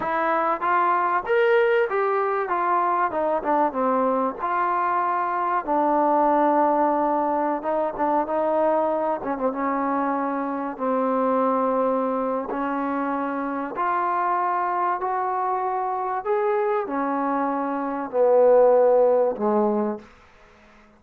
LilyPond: \new Staff \with { instrumentName = "trombone" } { \time 4/4 \tempo 4 = 96 e'4 f'4 ais'4 g'4 | f'4 dis'8 d'8 c'4 f'4~ | f'4 d'2.~ | d'16 dis'8 d'8 dis'4. cis'16 c'16 cis'8.~ |
cis'4~ cis'16 c'2~ c'8. | cis'2 f'2 | fis'2 gis'4 cis'4~ | cis'4 b2 gis4 | }